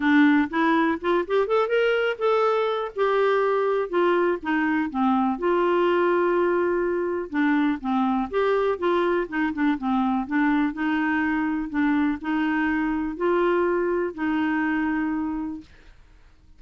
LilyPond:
\new Staff \with { instrumentName = "clarinet" } { \time 4/4 \tempo 4 = 123 d'4 e'4 f'8 g'8 a'8 ais'8~ | ais'8 a'4. g'2 | f'4 dis'4 c'4 f'4~ | f'2. d'4 |
c'4 g'4 f'4 dis'8 d'8 | c'4 d'4 dis'2 | d'4 dis'2 f'4~ | f'4 dis'2. | }